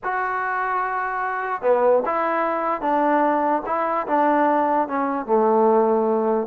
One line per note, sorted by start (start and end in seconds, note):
0.03 1.62 F#4
1.62 2.02 B3
2.05 2.81 E4
2.81 3.62 D4
3.66 4.06 E4
4.07 4.87 D4
4.87 5.26 C#4
5.26 6.47 A3